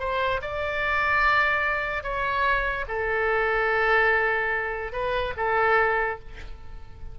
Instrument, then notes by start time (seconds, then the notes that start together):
oboe
0.00 C5
0.42 D5
2.03 C#5
2.88 A4
4.93 B4
5.37 A4